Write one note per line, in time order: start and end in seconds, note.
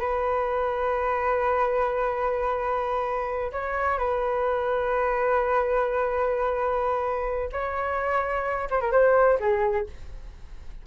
0.00 3.52 B4
3.52 3.99 C#5
3.99 7.50 B4
7.52 8.70 C#5
8.71 8.81 C5
8.81 8.92 A#4
8.92 9.39 C5
9.40 9.87 G#4